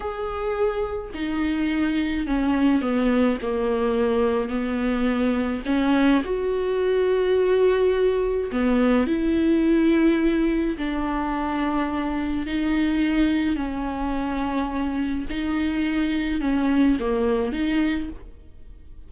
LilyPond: \new Staff \with { instrumentName = "viola" } { \time 4/4 \tempo 4 = 106 gis'2 dis'2 | cis'4 b4 ais2 | b2 cis'4 fis'4~ | fis'2. b4 |
e'2. d'4~ | d'2 dis'2 | cis'2. dis'4~ | dis'4 cis'4 ais4 dis'4 | }